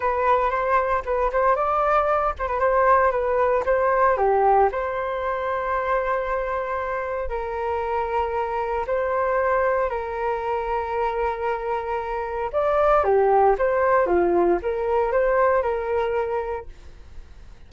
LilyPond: \new Staff \with { instrumentName = "flute" } { \time 4/4 \tempo 4 = 115 b'4 c''4 b'8 c''8 d''4~ | d''8 c''16 b'16 c''4 b'4 c''4 | g'4 c''2.~ | c''2 ais'2~ |
ais'4 c''2 ais'4~ | ais'1 | d''4 g'4 c''4 f'4 | ais'4 c''4 ais'2 | }